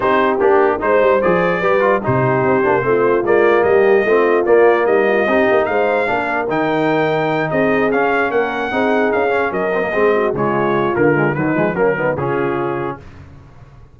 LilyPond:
<<
  \new Staff \with { instrumentName = "trumpet" } { \time 4/4 \tempo 4 = 148 c''4 g'4 c''4 d''4~ | d''4 c''2. | d''4 dis''2 d''4 | dis''2 f''2 |
g''2~ g''8 dis''4 f''8~ | f''8 fis''2 f''4 dis''8~ | dis''4. cis''4. ais'4 | b'4 ais'4 gis'2 | }
  \new Staff \with { instrumentName = "horn" } { \time 4/4 g'2 c''2 | b'4 g'2 f'4~ | f'4 g'4 f'2 | dis'8 f'8 g'4 c''4 ais'4~ |
ais'2~ ais'8 gis'4.~ | gis'8 ais'4 gis'2 ais'8~ | ais'8 gis'8 fis'8 f'2~ f'8 | dis'4 cis'8 dis'8 f'2 | }
  \new Staff \with { instrumentName = "trombone" } { \time 4/4 dis'4 d'4 dis'4 gis'4 | g'8 f'8 dis'4. d'8 c'4 | ais2 c'4 ais4~ | ais4 dis'2 d'4 |
dis'2.~ dis'8 cis'8~ | cis'4. dis'4. cis'4 | c'16 ais16 c'4 gis4. ais8 gis8 | fis8 gis8 ais8 b8 cis'2 | }
  \new Staff \with { instrumentName = "tuba" } { \time 4/4 c'4 ais4 gis8 g8 f4 | g4 c4 c'8 ais8 a4 | gis4 g4 a4 ais4 | g4 c'8 ais8 gis4 ais4 |
dis2~ dis8 c'4 cis'8~ | cis'8 ais4 c'4 cis'4 fis8~ | fis8 gis4 cis4. d4 | dis8 f8 fis4 cis2 | }
>>